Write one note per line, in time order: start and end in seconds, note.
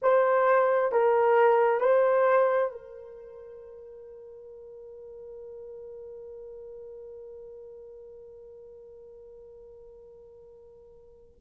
0.02 0.91 C5
0.91 1.80 A#4
1.80 2.71 C5
2.71 11.35 A#4